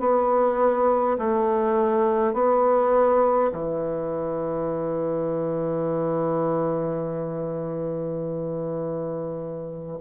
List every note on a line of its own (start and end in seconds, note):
0.00 1.18 B3
1.18 2.34 A3
2.34 3.51 B3
3.52 9.99 E3